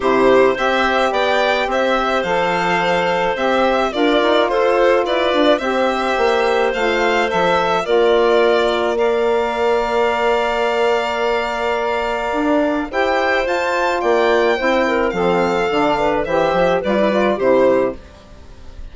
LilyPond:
<<
  \new Staff \with { instrumentName = "violin" } { \time 4/4 \tempo 4 = 107 c''4 e''4 g''4 e''4 | f''2 e''4 d''4 | c''4 d''4 e''2 | f''4 e''4 d''2 |
f''1~ | f''2. g''4 | a''4 g''2 f''4~ | f''4 e''4 d''4 c''4 | }
  \new Staff \with { instrumentName = "clarinet" } { \time 4/4 g'4 c''4 d''4 c''4~ | c''2. ais'4 | a'4 b'4 c''2~ | c''2 ais'2 |
d''1~ | d''2. c''4~ | c''4 d''4 c''8 ais'8 a'4~ | a'8 b'8 c''4 b'4 g'4 | }
  \new Staff \with { instrumentName = "saxophone" } { \time 4/4 e'4 g'2. | a'2 g'4 f'4~ | f'2 g'2 | f'4 a'4 f'2 |
ais'1~ | ais'2. g'4 | f'2 e'4 c'4 | d'4 g'4 f'16 e'16 f'8 e'4 | }
  \new Staff \with { instrumentName = "bassoon" } { \time 4/4 c4 c'4 b4 c'4 | f2 c'4 d'8 dis'8 | f'4 e'8 d'8 c'4 ais4 | a4 f4 ais2~ |
ais1~ | ais2 d'4 e'4 | f'4 ais4 c'4 f4 | d4 e8 f8 g4 c4 | }
>>